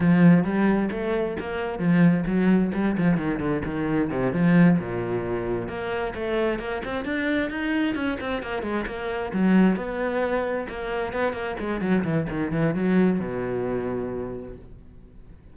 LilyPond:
\new Staff \with { instrumentName = "cello" } { \time 4/4 \tempo 4 = 132 f4 g4 a4 ais4 | f4 fis4 g8 f8 dis8 d8 | dis4 c8 f4 ais,4.~ | ais,8 ais4 a4 ais8 c'8 d'8~ |
d'8 dis'4 cis'8 c'8 ais8 gis8 ais8~ | ais8 fis4 b2 ais8~ | ais8 b8 ais8 gis8 fis8 e8 dis8 e8 | fis4 b,2. | }